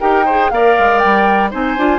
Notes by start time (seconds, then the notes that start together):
0.00 D#4 G4 A#4 G5
0.25 G#4 C5
0.50 A#3 A#4 D5 F5
0.78 G#3
0.99 G3 G5
1.50 C4 D#4 C5 G#5
1.77 D4 F4